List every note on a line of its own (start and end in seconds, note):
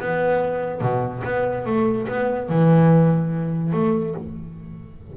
0.00 0.81 B3
0.81 1.23 B2
1.24 1.66 B3
1.66 2.08 A3
2.09 2.49 B3
2.49 3.73 E3
3.73 4.15 A3